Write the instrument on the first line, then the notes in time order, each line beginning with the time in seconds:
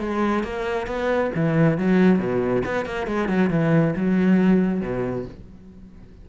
cello
0.00 G#3
0.44 A#3
0.87 B3
1.35 E3
1.78 F#3
2.19 B2
2.65 B3
2.86 A#3
3.07 G#3
3.28 F#3
3.50 E3
3.96 F#3
4.81 B2